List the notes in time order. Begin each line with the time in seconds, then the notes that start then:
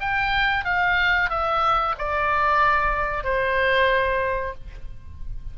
0.00 G5
0.65 F5
1.30 E5
1.98 D5
3.23 C5